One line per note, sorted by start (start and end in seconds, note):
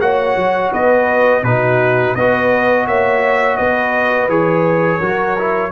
0.00 0.36 A#3
0.00 1.43 F#4
0.00 0.72 C#5
0.00 0.72 F#5
0.36 0.71 F#3
0.72 1.43 B3
0.72 1.43 B4
0.72 1.44 D#5
1.43 2.14 B2
1.43 2.18 D#4
1.43 2.17 F#4
1.43 2.15 B4
2.15 2.87 B3
2.15 4.29 F#4
2.15 2.87 B4
2.15 2.86 D#5
2.87 3.59 A#3
2.87 3.56 C#5
2.87 3.57 E5
3.56 4.28 B3
3.56 4.99 B4
3.56 4.28 D#5
4.28 4.99 E3
4.28 5.01 G#4
4.28 5.71 C#5
4.99 5.71 F#3
4.99 5.37 F#4
4.99 5.70 A#4
5.38 5.71 E4